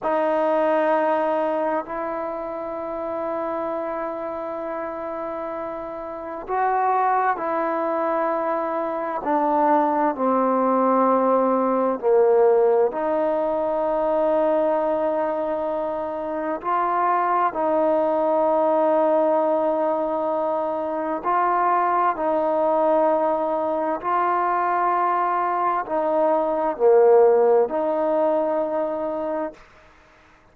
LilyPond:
\new Staff \with { instrumentName = "trombone" } { \time 4/4 \tempo 4 = 65 dis'2 e'2~ | e'2. fis'4 | e'2 d'4 c'4~ | c'4 ais4 dis'2~ |
dis'2 f'4 dis'4~ | dis'2. f'4 | dis'2 f'2 | dis'4 ais4 dis'2 | }